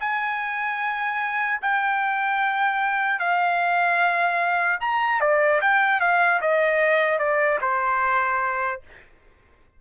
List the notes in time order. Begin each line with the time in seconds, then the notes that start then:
0.00 G#5
1.62 G5
3.19 F5
4.80 A#5
5.20 D5
5.61 G5
6.00 F5
6.41 D#5
7.19 D5
7.61 C5